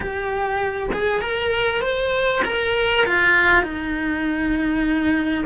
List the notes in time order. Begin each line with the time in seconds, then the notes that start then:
0.00 G4
0.93 G#4
1.21 A#4
1.81 C5
2.45 A#4
3.06 F4
3.62 D#4